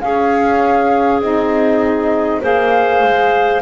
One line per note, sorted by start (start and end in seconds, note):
0.00 1.20 C#4
0.00 1.21 C#4
0.00 2.42 G#4
0.00 1.21 F5
1.21 2.41 C4
1.21 2.42 D#4
1.21 2.42 D#5
2.42 3.03 A#3
2.42 3.62 G#4
2.42 3.62 C5
2.42 3.62 F5
3.03 3.62 G#3